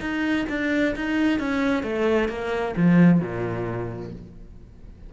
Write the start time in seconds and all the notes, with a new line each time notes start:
0.00 D#4
0.49 D4
0.96 D#4
1.39 C#4
1.83 A3
2.28 A#3
2.76 F3
3.20 A#2